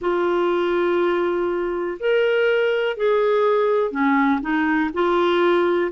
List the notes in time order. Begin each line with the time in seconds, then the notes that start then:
0.01 F4
1.99 A#4
2.96 G#4
3.91 C#4
4.41 D#4
4.93 F4